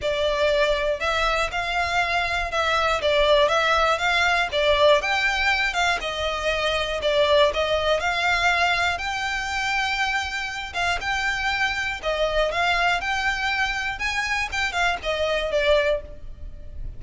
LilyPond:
\new Staff \with { instrumentName = "violin" } { \time 4/4 \tempo 4 = 120 d''2 e''4 f''4~ | f''4 e''4 d''4 e''4 | f''4 d''4 g''4. f''8 | dis''2 d''4 dis''4 |
f''2 g''2~ | g''4. f''8 g''2 | dis''4 f''4 g''2 | gis''4 g''8 f''8 dis''4 d''4 | }